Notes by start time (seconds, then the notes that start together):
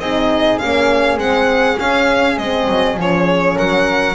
0.00 C4 D#4 G#4 D#5
0.59 A#3 C#4 F5
1.17 G#3 C4 F#5
1.79 C#4 F5
2.38 G#3 C4 D#5
2.68 F#3
2.97 F3 C#4 C#5
3.56 F#3 A#4 F#5